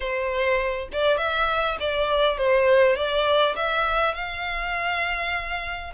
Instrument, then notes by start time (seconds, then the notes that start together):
violin
0.00 C5
0.92 D5
1.17 E5
1.80 D5
2.37 C5
2.95 D5
3.55 E5
4.14 F5